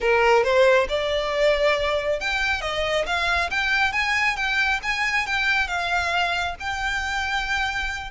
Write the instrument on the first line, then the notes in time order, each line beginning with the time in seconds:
violin
0.00 A#4
0.43 C5
0.88 D5
2.20 G5
2.61 D#5
3.06 F5
3.50 G5
3.92 G#5
4.36 G5
4.83 G#5
5.26 G5
5.67 F5
6.59 G5